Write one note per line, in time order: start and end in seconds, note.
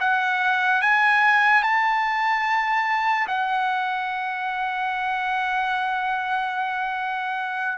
0.00 0.81 F#5
0.81 1.63 G#5
1.63 3.27 A5
3.28 7.78 F#5